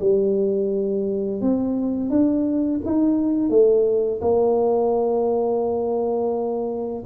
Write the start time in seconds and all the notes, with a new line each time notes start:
0.00 G3
1.41 C4
2.10 D4
2.85 D#4
3.50 A3
4.21 A#3